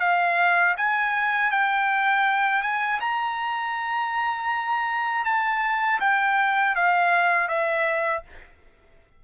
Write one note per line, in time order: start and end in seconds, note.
0.00 0.75 F5
0.77 1.51 G#5
1.51 2.62 G5
2.62 3.00 G#5
3.00 5.25 A#5
5.25 6.00 A5
6.00 6.75 G5
6.75 7.48 F5
7.48 8.23 E5